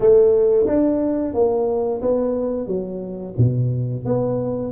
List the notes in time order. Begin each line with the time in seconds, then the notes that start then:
0.00 A3
0.66 D4
1.34 A#3
2.01 B3
2.67 F#3
3.37 B2
4.05 B3